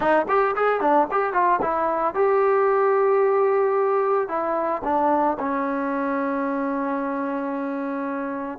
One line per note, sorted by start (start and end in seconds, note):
0.00 0.26 D#4
0.28 0.55 G4
0.56 0.80 G#4
0.80 1.07 D4
1.11 1.33 G4
1.33 1.59 F4
1.61 2.14 E4
2.14 4.28 G4
4.28 4.82 E4
4.84 5.37 D4
5.39 8.58 C#4